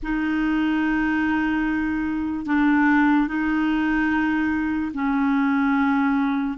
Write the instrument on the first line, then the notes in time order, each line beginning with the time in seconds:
clarinet
0.02 D#4
2.46 D4
3.27 D#4
4.94 C#4